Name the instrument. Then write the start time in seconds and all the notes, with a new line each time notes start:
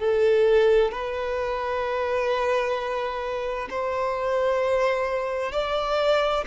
violin
0.00 A4
0.92 B4
3.70 C5
5.53 D5